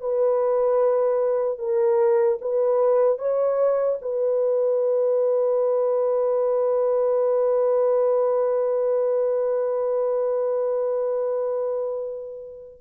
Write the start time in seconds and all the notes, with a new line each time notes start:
0.00 B4
1.58 A#4
2.41 B4
3.18 C#5
4.01 B4